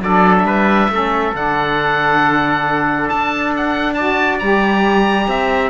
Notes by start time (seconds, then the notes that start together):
0.00 F#3 D4 A4 D5
0.37 E5
0.44 G3 B4
0.89 A3 C#4 A4
1.33 D3 D4 F#5
3.08 D4 A5
3.56 F#5
3.93 F#4 D5 A5
4.39 G3 G4 A#5
5.27 C4 E5